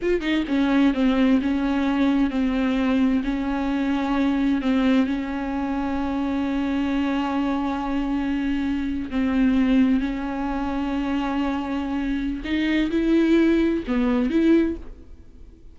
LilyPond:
\new Staff \with { instrumentName = "viola" } { \time 4/4 \tempo 4 = 130 f'8 dis'8 cis'4 c'4 cis'4~ | cis'4 c'2 cis'4~ | cis'2 c'4 cis'4~ | cis'1~ |
cis'2.~ cis'8. c'16~ | c'4.~ c'16 cis'2~ cis'16~ | cis'2. dis'4 | e'2 b4 e'4 | }